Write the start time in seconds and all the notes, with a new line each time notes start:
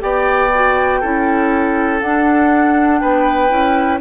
0.00 B3 G4 D5 G5
0.54 F#4
1.00 C#4 E4 A4
2.01 D4 F#5
2.99 B3 B4 G5
3.49 C#4 E4